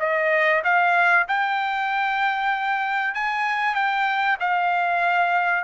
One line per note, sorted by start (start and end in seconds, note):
0.00 0.62 D#5
0.64 1.27 F5
1.28 3.15 G5
3.15 3.75 G#5
3.75 4.38 G5
4.40 5.64 F5